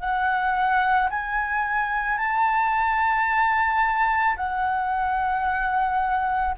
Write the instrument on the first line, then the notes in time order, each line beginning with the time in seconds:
flute
0.00 F#5
1.10 G#5
2.18 A5
4.37 F#5